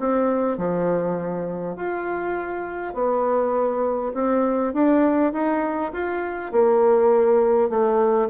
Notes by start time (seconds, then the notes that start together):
0.00 C4
0.58 F3
1.76 F4
2.94 B3
4.14 C4
4.74 D4
5.33 D#4
5.93 F4
6.52 A#3
7.70 A3